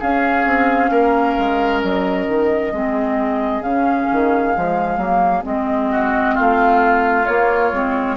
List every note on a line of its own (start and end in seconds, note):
0.00 2.73 C#4
0.00 0.46 C#4
0.00 0.91 G#4
0.00 1.81 F5
0.46 0.91 C4
0.91 1.36 A#3
0.91 2.73 A#4
1.38 1.84 G#3
1.81 2.28 F#3
1.81 3.62 D#5
2.28 2.73 D#3
2.73 3.61 G#3
2.73 3.63 C4
2.73 5.91 G#4
3.61 4.06 C#3
3.61 4.54 C#4
3.61 5.44 F5
4.12 4.57 D#3
4.54 4.98 F3
4.54 4.98 G#3
4.98 5.43 F#3
4.98 5.43 A#3
5.43 6.36 G#3
5.43 7.25 C4
5.43 6.36 D#5
5.91 6.35 F#4
6.35 7.28 A3
6.35 8.16 F4
6.35 7.26 F5
7.26 7.72 A#3
7.26 8.17 C#5
7.72 8.17 G#3
7.72 8.17 C4